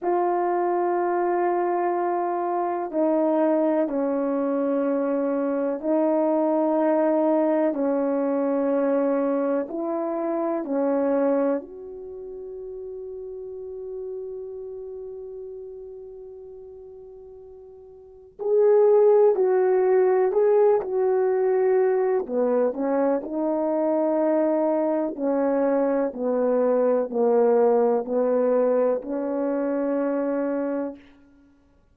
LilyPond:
\new Staff \with { instrumentName = "horn" } { \time 4/4 \tempo 4 = 62 f'2. dis'4 | cis'2 dis'2 | cis'2 e'4 cis'4 | fis'1~ |
fis'2. gis'4 | fis'4 gis'8 fis'4. b8 cis'8 | dis'2 cis'4 b4 | ais4 b4 cis'2 | }